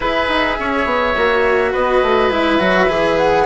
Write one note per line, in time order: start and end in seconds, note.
0.00 0.28 E4
0.00 1.16 G#4
0.00 0.58 B4
0.00 1.73 E5
0.28 0.57 D#4
0.59 0.85 C#4
0.59 1.71 C#5
0.85 1.14 B3
1.16 1.74 A#3
1.16 2.30 F#4
1.71 2.02 B3
1.71 3.44 B4
1.71 2.31 D#5
2.02 2.30 A3
2.30 2.59 G#3
2.30 2.59 E4
2.30 3.17 E5
2.59 2.88 F#3
2.59 2.88 F#4
2.88 3.45 E3
2.88 3.45 G#4
3.17 3.45 F#5